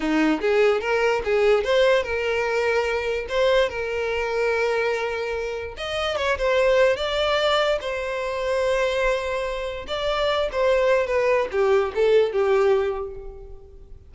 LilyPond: \new Staff \with { instrumentName = "violin" } { \time 4/4 \tempo 4 = 146 dis'4 gis'4 ais'4 gis'4 | c''4 ais'2. | c''4 ais'2.~ | ais'2 dis''4 cis''8 c''8~ |
c''4 d''2 c''4~ | c''1 | d''4. c''4. b'4 | g'4 a'4 g'2 | }